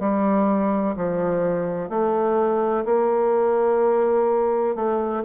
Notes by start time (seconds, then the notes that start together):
0.00 G3
0.97 F3
1.90 A3
2.85 A#3
4.76 A3